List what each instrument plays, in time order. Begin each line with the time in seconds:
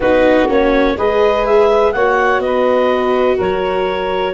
0.00 tuba B3, viola D#4, saxophone F#4, clarinet B4
0.48 tuba A#3, viola C#4, clarinet C#5
0.97 tuba G#3, viola G#4, saxophone B4, clarinet D#5
1.45 clarinet E5
1.92 tuba A#3, viola F#4, saxophone C#5, clarinet F#5
2.39 tuba B3, saxophone B4, clarinet D#5
3.36 tuba F#3, saxophone A#4, clarinet C#5